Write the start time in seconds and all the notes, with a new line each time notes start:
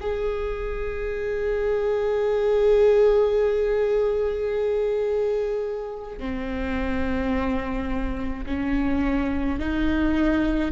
0.00 G#4
6.19 C4
8.46 C#4
9.59 D#4